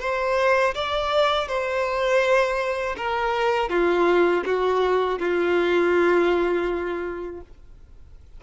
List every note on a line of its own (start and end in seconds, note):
0.00 0.74 C5
0.74 1.47 D5
1.47 2.96 C5
2.97 3.69 A#4
3.69 4.43 F4
4.45 5.19 F#4
5.19 7.41 F4